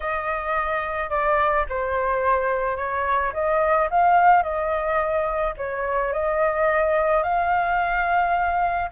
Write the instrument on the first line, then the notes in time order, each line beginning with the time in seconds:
flute
0.00 D#5
1.09 D5
1.69 C5
2.76 C#5
3.33 D#5
3.90 F5
4.43 D#5
5.57 C#5
6.12 D#5
7.23 F5